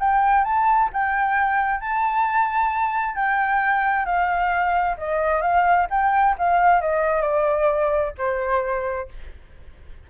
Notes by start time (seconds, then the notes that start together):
0.00 G5
0.44 A5
0.93 G5
1.80 A5
3.15 G5
4.05 F5
4.97 D#5
5.41 F5
5.90 G5
6.38 F5
6.81 D#5
7.21 D5
8.18 C5